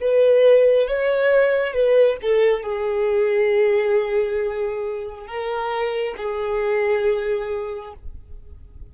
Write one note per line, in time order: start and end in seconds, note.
0.00 0.87 B4
0.87 1.73 C#5
1.73 2.17 B4
2.21 2.63 A4
2.63 5.27 G#4
5.27 6.15 A#4
6.17 7.93 G#4